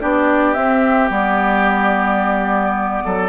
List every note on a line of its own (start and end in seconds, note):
0.00 0.56 B3
0.00 0.55 D4
0.00 3.03 G4
0.00 0.54 D5
0.54 1.09 C4
0.54 1.09 E5
1.09 3.02 G3
1.09 3.29 B3
1.09 3.29 D5
3.05 3.29 F#3
3.05 3.29 A4